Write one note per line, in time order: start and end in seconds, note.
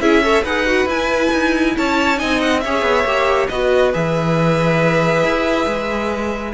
0.00 0.43 C#4
0.00 0.23 E4
0.00 0.24 G#4
0.00 0.44 E5
0.23 0.44 A4
0.23 0.43 C#5
0.43 0.86 D#4
0.43 0.66 G#4
0.43 1.73 B4
0.43 0.88 F#5
0.66 0.88 F#4
0.86 1.29 E4
0.86 2.16 E4
0.86 1.77 G#5
1.33 1.76 D#4
1.78 2.22 C#4
1.78 2.19 C#5
1.78 2.19 A5
2.16 2.66 C4
2.16 2.60 D#4
2.16 2.63 D#5
2.16 2.41 G#5
2.41 2.60 F#5
2.60 2.83 C#4
2.60 3.06 G#4
2.60 3.49 C#5
2.60 3.47 E5
2.83 3.04 B3
3.05 3.48 A#3
3.05 3.50 G4
3.48 3.93 B3
3.48 3.93 F#4
3.48 6.54 B4
3.48 3.92 D#5
3.93 5.24 E3
3.93 6.54 G#4
3.93 6.54 E5
5.24 5.66 E4
5.66 6.53 G#3